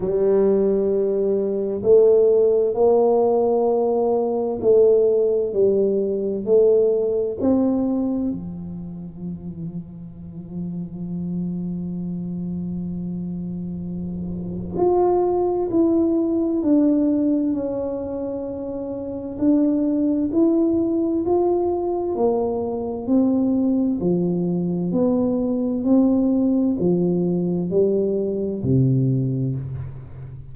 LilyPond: \new Staff \with { instrumentName = "tuba" } { \time 4/4 \tempo 4 = 65 g2 a4 ais4~ | ais4 a4 g4 a4 | c'4 f2.~ | f1 |
f'4 e'4 d'4 cis'4~ | cis'4 d'4 e'4 f'4 | ais4 c'4 f4 b4 | c'4 f4 g4 c4 | }